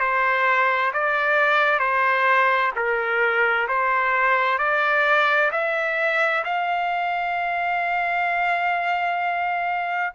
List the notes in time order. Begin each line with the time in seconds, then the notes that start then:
0.00 C5
0.94 D5
1.80 C5
2.76 A#4
3.68 C5
4.59 D5
5.52 E5
6.45 F5